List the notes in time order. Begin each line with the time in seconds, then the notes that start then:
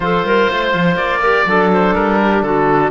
0.00 F3 F4 A4 C5
0.23 G3 A#4
0.50 A3 C5
0.73 F3
0.95 A#3 D5
1.20 G4 A#4
1.46 F#3 D4 A4
1.73 C5
1.94 G3 A#4
2.22 G4
2.42 D3 F#4 A4